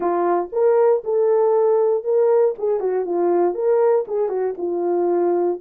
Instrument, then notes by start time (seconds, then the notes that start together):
horn
0.00 F4
0.52 A#4
1.04 A4
2.04 A#4
2.58 G#4
2.80 F#4
3.05 F4
3.54 A#4
4.07 G#4
4.29 F#4
4.57 F4